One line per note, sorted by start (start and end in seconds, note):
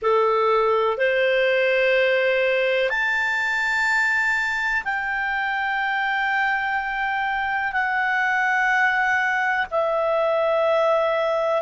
0.02 0.97 A4
0.97 2.89 C5
2.89 4.83 A5
4.84 7.72 G5
7.72 9.66 F#5
9.70 11.62 E5